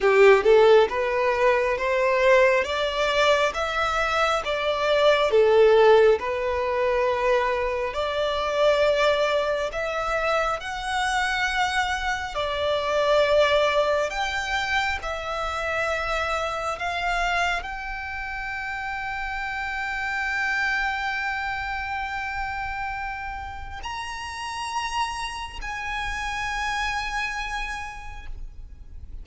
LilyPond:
\new Staff \with { instrumentName = "violin" } { \time 4/4 \tempo 4 = 68 g'8 a'8 b'4 c''4 d''4 | e''4 d''4 a'4 b'4~ | b'4 d''2 e''4 | fis''2 d''2 |
g''4 e''2 f''4 | g''1~ | g''2. ais''4~ | ais''4 gis''2. | }